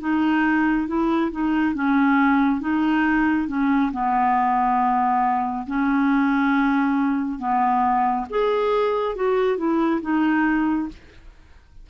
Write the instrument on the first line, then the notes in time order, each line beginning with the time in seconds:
clarinet
0.00 D#4
0.87 E4
1.31 D#4
1.74 C#4
2.60 D#4
3.48 C#4
3.92 B3
5.66 C#4
7.39 B3
8.29 G#4
9.15 F#4
9.57 E4
10.01 D#4